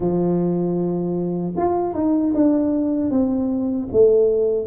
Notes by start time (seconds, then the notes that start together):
0.00 F3
1.57 F4
1.94 D#4
2.33 D4
3.10 C4
3.92 A3